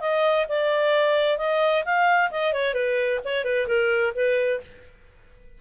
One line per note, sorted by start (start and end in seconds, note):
0.00 0.46 D#5
0.48 1.38 D5
1.38 1.83 D#5
1.84 2.30 F5
2.31 2.53 D#5
2.53 2.74 C#5
2.74 3.19 B4
3.24 3.44 C#5
3.44 3.67 B4
3.67 4.13 A#4
4.15 4.60 B4